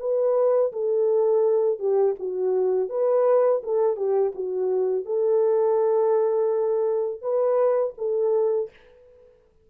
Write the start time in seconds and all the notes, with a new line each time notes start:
0.00 B4
0.73 A4
1.79 G4
2.19 F#4
2.89 B4
3.63 A4
3.96 G4
4.35 F#4
5.05 A4
7.22 B4
7.98 A4